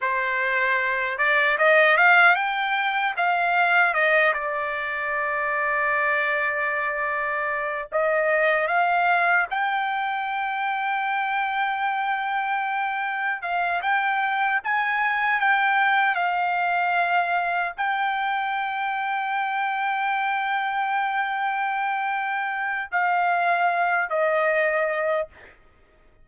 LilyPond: \new Staff \with { instrumentName = "trumpet" } { \time 4/4 \tempo 4 = 76 c''4. d''8 dis''8 f''8 g''4 | f''4 dis''8 d''2~ d''8~ | d''2 dis''4 f''4 | g''1~ |
g''4 f''8 g''4 gis''4 g''8~ | g''8 f''2 g''4.~ | g''1~ | g''4 f''4. dis''4. | }